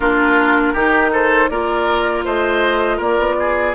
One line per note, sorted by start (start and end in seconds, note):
0.00 0.73 A#3
0.00 0.75 D4
0.00 0.73 F4
0.00 1.11 A#4
0.73 1.49 D#3
0.73 1.50 D#4
0.73 1.10 G4
1.12 1.50 A4
1.12 1.48 C5
1.48 2.25 A#3
1.48 3.74 F4
1.48 2.24 A#4
1.48 2.23 D5
2.24 2.99 A3
2.24 2.97 C5
2.24 3.00 D#5
2.97 3.17 A#3
2.97 3.34 A#4
2.97 3.74 D5
3.18 3.74 B3
3.39 3.74 G#4